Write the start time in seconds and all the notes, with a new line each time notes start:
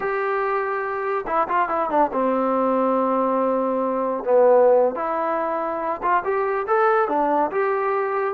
0.00 G4
1.26 E4
1.48 F4
1.68 E4
1.89 D4
2.12 C4
4.24 B3
4.95 E4
6.02 F4
6.24 G4
6.67 A4
7.08 D4
7.51 G4